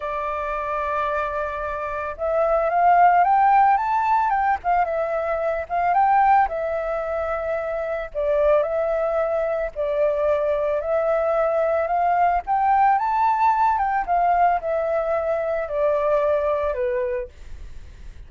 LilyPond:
\new Staff \with { instrumentName = "flute" } { \time 4/4 \tempo 4 = 111 d''1 | e''4 f''4 g''4 a''4 | g''8 f''8 e''4. f''8 g''4 | e''2. d''4 |
e''2 d''2 | e''2 f''4 g''4 | a''4. g''8 f''4 e''4~ | e''4 d''2 b'4 | }